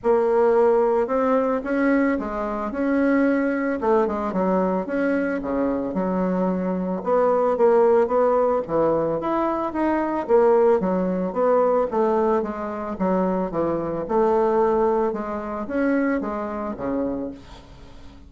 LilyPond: \new Staff \with { instrumentName = "bassoon" } { \time 4/4 \tempo 4 = 111 ais2 c'4 cis'4 | gis4 cis'2 a8 gis8 | fis4 cis'4 cis4 fis4~ | fis4 b4 ais4 b4 |
e4 e'4 dis'4 ais4 | fis4 b4 a4 gis4 | fis4 e4 a2 | gis4 cis'4 gis4 cis4 | }